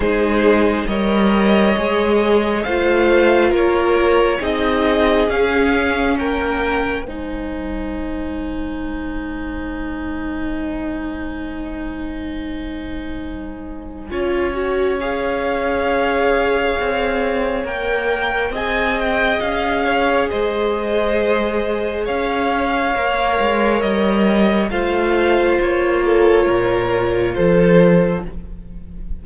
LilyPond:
<<
  \new Staff \with { instrumentName = "violin" } { \time 4/4 \tempo 4 = 68 c''4 dis''2 f''4 | cis''4 dis''4 f''4 g''4 | gis''1~ | gis''1~ |
gis''4 f''2. | g''4 gis''8 g''8 f''4 dis''4~ | dis''4 f''2 dis''4 | f''4 cis''2 c''4 | }
  \new Staff \with { instrumentName = "violin" } { \time 4/4 gis'4 cis''2 c''4 | ais'4 gis'2 ais'4 | c''1~ | c''1 |
cis''1~ | cis''4 dis''4. cis''8 c''4~ | c''4 cis''2. | c''4. a'8 ais'4 a'4 | }
  \new Staff \with { instrumentName = "viola" } { \time 4/4 dis'4 ais'4 gis'4 f'4~ | f'4 dis'4 cis'2 | dis'1~ | dis'1 |
f'8 fis'8 gis'2. | ais'4 gis'2.~ | gis'2 ais'2 | f'1 | }
  \new Staff \with { instrumentName = "cello" } { \time 4/4 gis4 g4 gis4 a4 | ais4 c'4 cis'4 ais4 | gis1~ | gis1 |
cis'2. c'4 | ais4 c'4 cis'4 gis4~ | gis4 cis'4 ais8 gis8 g4 | a4 ais4 ais,4 f4 | }
>>